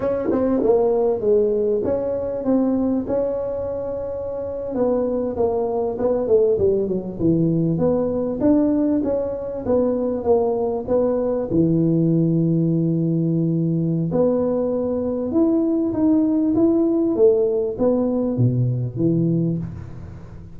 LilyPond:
\new Staff \with { instrumentName = "tuba" } { \time 4/4 \tempo 4 = 98 cis'8 c'8 ais4 gis4 cis'4 | c'4 cis'2~ cis'8. b16~ | b8. ais4 b8 a8 g8 fis8 e16~ | e8. b4 d'4 cis'4 b16~ |
b8. ais4 b4 e4~ e16~ | e2. b4~ | b4 e'4 dis'4 e'4 | a4 b4 b,4 e4 | }